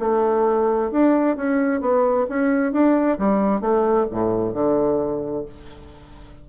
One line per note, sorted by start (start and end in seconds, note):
0.00 0.92 A3
0.92 1.37 D4
1.37 1.81 C#4
1.81 2.27 B3
2.30 2.73 C#4
2.73 3.19 D4
3.19 3.61 G3
3.61 4.07 A3
4.12 4.54 A2
4.54 5.46 D3